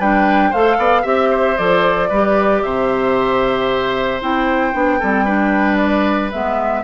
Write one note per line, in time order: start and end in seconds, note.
0.00 0.53 G3
0.00 0.54 D4
0.00 0.50 B4
0.00 0.54 G5
0.50 0.78 A3
0.50 1.04 A4
0.50 0.77 C5
0.50 1.06 F5
0.78 1.05 B3
0.78 1.03 D5
1.03 1.58 C4
1.03 1.57 G4
1.03 1.29 E5
1.03 1.58 E5
1.31 2.09 C5
1.58 2.11 F3
1.58 2.11 A4
1.58 2.63 D5
2.09 2.64 G3
2.09 4.22 G4
2.09 2.62 B4
2.63 4.22 C3
2.63 5.00 C5
2.63 4.21 E5
4.22 4.74 C4
4.22 4.73 E4
4.22 5.78 G5
4.73 5.01 B3
4.73 5.00 D4
5.00 6.34 G3
5.00 5.27 C4
5.00 5.25 A4
5.25 6.32 D4
5.25 6.83 B4
5.78 6.30 D5
6.32 6.85 G#3
6.32 6.85 B3
6.32 6.85 E5